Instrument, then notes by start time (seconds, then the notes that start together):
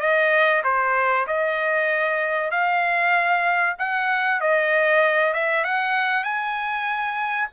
trumpet
0.00 D#5
0.64 C5
1.27 D#5
2.51 F5
3.79 F#5
4.41 D#5
5.34 E5
5.64 F#5
6.24 G#5